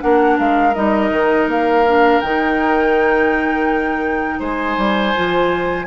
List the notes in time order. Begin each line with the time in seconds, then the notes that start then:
0.00 A#3 D4 A#4 F#5
0.39 G#3 F5
0.74 G3 D#4 D#5
1.11 D#3
1.47 A#3 F5
1.87 D4
2.21 D#3 D#4 G5
4.39 G#3 C5 G#5
4.77 G3
5.15 F3 F4